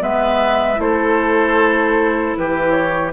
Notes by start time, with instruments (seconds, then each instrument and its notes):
0.00 bassoon G#3, clarinet B3, oboe B4, flute E5
0.76 bassoon A3, clarinet E4, flute C5
0.83 oboe A4
2.37 bassoon E3, oboe G4, flute B4
2.71 flute C#5